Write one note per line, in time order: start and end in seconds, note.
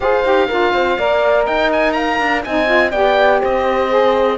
0.00 0.24 F4
0.00 0.23 G#4
0.00 0.48 C5
0.00 1.44 F5
0.23 0.49 D#4
0.23 0.48 G4
0.48 0.73 D4
0.48 0.98 F4
0.48 0.72 A#4
0.73 0.97 C4
0.73 0.98 C5
0.98 1.47 A#3
0.98 2.45 A#4
0.98 1.46 D5
1.46 2.20 D#4
1.46 1.95 D#5
1.46 1.70 G5
1.72 1.92 G#5
1.92 2.44 F5
1.92 2.41 A#5
2.20 2.44 D4
2.44 2.92 C4
2.44 2.66 D#4
2.44 2.91 D#5
2.44 2.91 G#5
2.66 2.90 F4
2.91 3.41 B3
2.91 3.88 G4
2.91 3.40 D5
2.91 3.40 G5
3.40 4.38 C4
3.40 4.38 C5
3.40 4.38 D#5
3.88 4.37 G#4